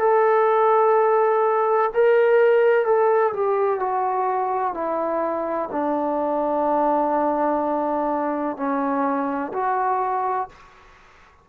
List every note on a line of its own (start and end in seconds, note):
0.00 1.90 A4
1.94 2.85 A#4
2.85 3.33 A4
3.33 3.80 G4
3.80 4.74 F#4
4.74 5.69 E4
5.71 8.57 D4
8.57 9.52 C#4
9.53 10.48 F#4